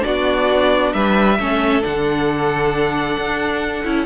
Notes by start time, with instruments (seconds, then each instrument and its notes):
0.00 viola D4, violin F#4 D5
0.06 cello B3
0.93 cello G3, violin B4 E5
1.39 cello A3, viola C#4, violin A4
1.82 cello D3, viola D4, violin F#5
3.17 cello D4
3.84 cello C#4, viola E4